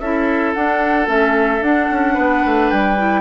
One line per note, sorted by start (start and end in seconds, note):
0.00 0.54 C#4
0.00 0.56 E4
0.00 2.14 A4
0.00 0.54 E5
0.54 1.06 D4
0.54 1.08 D4
0.54 1.07 F#5
1.06 1.61 A3
1.06 1.60 C#4
1.06 1.63 E5
1.61 1.88 D4
1.61 2.98 D4
1.61 2.70 F#5
1.91 2.17 C#4
2.14 2.44 B3
2.14 3.21 B4
2.45 2.72 A3
2.70 3.21 G3
2.70 3.21 G5
2.98 3.21 E4